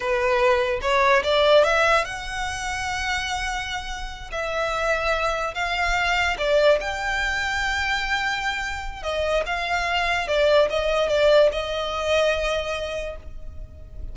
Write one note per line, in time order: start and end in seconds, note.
0.00 0.80 B4
0.81 1.22 C#5
1.23 1.63 D5
1.63 2.05 E5
2.05 4.31 F#5
4.31 5.54 E5
5.54 6.36 F5
6.38 6.79 D5
6.80 9.02 G5
9.02 9.43 D#5
9.46 10.27 F5
10.27 10.68 D5
10.69 11.08 D#5
11.08 11.50 D5
11.52 13.16 D#5